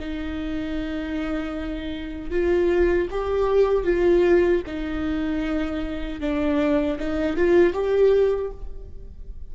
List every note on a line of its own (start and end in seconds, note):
0.00 2.31 D#4
2.31 3.09 F4
3.11 3.85 G4
3.85 4.63 F4
4.67 6.21 D#4
6.21 6.98 D4
7.00 7.37 D#4
7.37 7.74 F4
7.74 8.51 G4